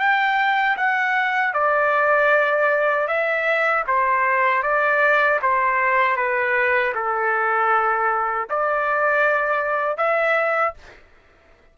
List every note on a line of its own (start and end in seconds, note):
0.00 0.77 G5
0.77 1.54 F#5
1.54 3.08 D5
3.08 3.85 E5
3.87 4.63 C5
4.63 5.40 D5
5.43 6.17 C5
6.17 6.94 B4
6.95 8.49 A4
8.50 9.98 D5
9.98 10.74 E5